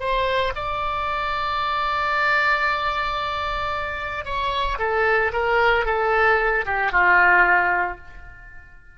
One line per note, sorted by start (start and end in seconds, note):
0.00 0.53 C5
0.56 4.26 D5
4.26 4.79 C#5
4.79 5.32 A4
5.33 5.86 A#4
5.86 6.65 A4
6.66 6.92 G4
6.92 7.98 F4